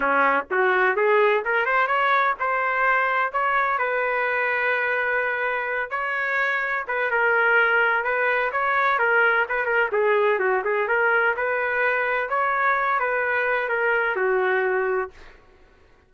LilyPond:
\new Staff \with { instrumentName = "trumpet" } { \time 4/4 \tempo 4 = 127 cis'4 fis'4 gis'4 ais'8 c''8 | cis''4 c''2 cis''4 | b'1~ | b'8 cis''2 b'8 ais'4~ |
ais'4 b'4 cis''4 ais'4 | b'8 ais'8 gis'4 fis'8 gis'8 ais'4 | b'2 cis''4. b'8~ | b'4 ais'4 fis'2 | }